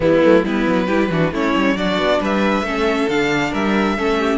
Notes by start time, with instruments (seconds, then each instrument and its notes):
0.00 cello E3, viola G3, violin B3 E4
0.22 cello F#3, viola A3
0.43 cello G3, viola B3, violin E4 B4
0.67 cello F#3
0.86 cello G3, viola E4, violin G4
1.09 cello E3, viola D4, violin F#4
1.31 cello A3, viola C#4, violin E4 C#5
1.55 cello G3
1.75 cello F#3, viola D4, violin F#4 D5
1.97 cello B3
2.20 cello G3, violin B4 E5
2.62 cello A3, viola C#4, violin A4
3.08 cello D3, viola D4, violin F5
3.51 cello G3, violin A#4 E5
3.97 cello A3, viola C#4, violin A4
4.18 violin G4